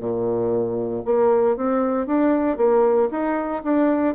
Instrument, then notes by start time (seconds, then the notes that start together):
bassoon
0.00 A#2
1.05 A#3
1.57 C4
2.07 D4
2.57 A#3
3.11 D#4
3.63 D4